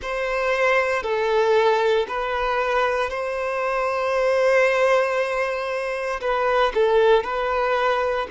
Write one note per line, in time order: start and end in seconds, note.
0.01 1.03 C5
1.03 2.06 A4
2.07 3.10 B4
3.10 6.20 C5
6.20 6.72 B4
6.74 7.23 A4
7.23 8.27 B4